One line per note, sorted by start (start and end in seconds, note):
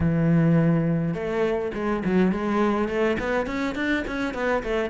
0.00 1.14 E3
1.14 1.71 A3
1.74 2.03 G#3
2.05 2.32 F#3
2.32 2.88 G#3
2.88 3.17 A3
3.19 3.46 B3
3.46 3.75 C#4
3.75 4.04 D4
4.07 4.33 C#4
4.33 4.62 B3
4.63 4.90 A3